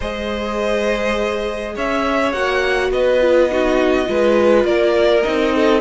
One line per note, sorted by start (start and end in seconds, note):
0.00 1.76 G#3
0.00 2.33 G#4
0.00 1.74 C5
0.00 1.75 D#5
1.74 2.33 C#4
1.74 2.91 C#5
1.74 2.32 E5
2.32 2.91 A#3
2.32 3.20 F#4
2.32 2.90 F#5
2.91 4.07 B3
2.91 3.50 B4
2.91 4.65 D#5
3.20 3.50 F4
3.50 4.05 D#4
3.50 4.09 F#4
4.05 4.64 G#3
4.05 5.21 F4
4.05 4.67 B4
4.64 5.22 A#3
4.64 5.54 A#4
4.64 5.22 D5
5.22 5.81 C4
5.22 5.81 D#4
5.22 5.80 D#5
5.54 5.81 A4